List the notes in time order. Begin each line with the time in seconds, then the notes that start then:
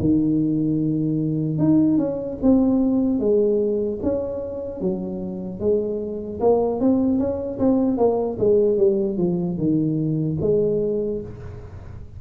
0.00 D#3
1.59 D#4
1.98 C#4
2.43 C4
3.20 G#3
4.03 C#4
4.81 F#3
5.60 G#3
6.40 A#3
6.81 C4
7.19 C#4
7.59 C4
7.98 A#3
8.39 G#3
8.77 G3
9.18 F3
9.57 D#3
10.41 G#3